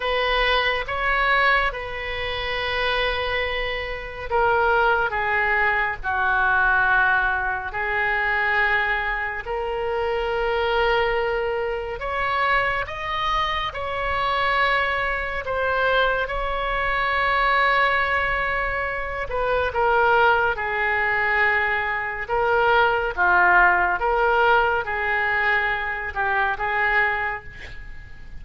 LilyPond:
\new Staff \with { instrumentName = "oboe" } { \time 4/4 \tempo 4 = 70 b'4 cis''4 b'2~ | b'4 ais'4 gis'4 fis'4~ | fis'4 gis'2 ais'4~ | ais'2 cis''4 dis''4 |
cis''2 c''4 cis''4~ | cis''2~ cis''8 b'8 ais'4 | gis'2 ais'4 f'4 | ais'4 gis'4. g'8 gis'4 | }